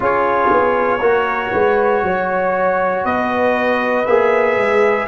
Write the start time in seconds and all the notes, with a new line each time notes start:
0.00 C#4 F4 G#4 C#5
0.50 B3
1.00 A#3 F#4 A#4
1.51 G#3 B4
2.03 F#3 C#5
3.04 B3 B4 D#5
4.05 A#3 G#4 E5
4.56 G#3